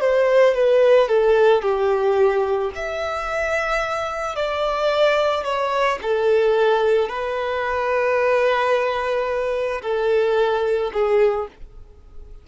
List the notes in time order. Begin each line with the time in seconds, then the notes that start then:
0.00 C5
0.54 B4
1.08 A4
1.62 G4
2.75 E5
4.35 D5
5.44 C#5
6.02 A4
7.09 B4
9.82 A4
10.93 G#4